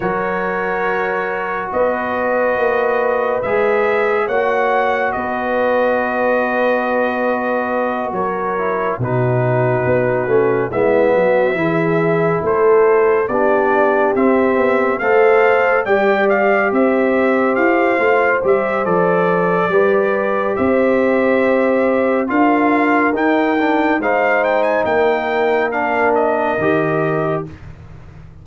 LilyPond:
<<
  \new Staff \with { instrumentName = "trumpet" } { \time 4/4 \tempo 4 = 70 cis''2 dis''2 | e''4 fis''4 dis''2~ | dis''4. cis''4 b'4.~ | b'8 e''2 c''4 d''8~ |
d''8 e''4 f''4 g''8 f''8 e''8~ | e''8 f''4 e''8 d''2 | e''2 f''4 g''4 | f''8 g''16 gis''16 g''4 f''8 dis''4. | }
  \new Staff \with { instrumentName = "horn" } { \time 4/4 ais'2 b'2~ | b'4 cis''4 b'2~ | b'4. ais'4 fis'4.~ | fis'8 e'8 fis'8 gis'4 a'4 g'8~ |
g'4. c''4 d''4 c''8~ | c''2. b'4 | c''2 ais'2 | c''4 ais'2. | }
  \new Staff \with { instrumentName = "trombone" } { \time 4/4 fis'1 | gis'4 fis'2.~ | fis'2 e'8 dis'4. | cis'8 b4 e'2 d'8~ |
d'8 c'4 a'4 g'4.~ | g'4 f'8 g'8 a'4 g'4~ | g'2 f'4 dis'8 d'8 | dis'2 d'4 g'4 | }
  \new Staff \with { instrumentName = "tuba" } { \time 4/4 fis2 b4 ais4 | gis4 ais4 b2~ | b4. fis4 b,4 b8 | a8 gis8 fis8 e4 a4 b8~ |
b8 c'8 b8 a4 g4 c'8~ | c'8 e'8 a8 g8 f4 g4 | c'2 d'4 dis'4 | gis4 ais2 dis4 | }
>>